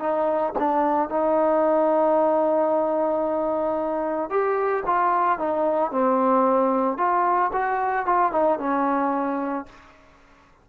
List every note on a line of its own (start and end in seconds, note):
0.00 0.54 D#4
0.59 1.10 D4
1.10 4.31 D#4
4.31 4.84 G4
4.86 5.39 F4
5.39 5.91 D#4
5.91 6.98 C4
6.98 7.51 F4
7.53 8.06 F#4
8.06 8.32 F4
8.32 8.59 D#4
8.59 9.66 C#4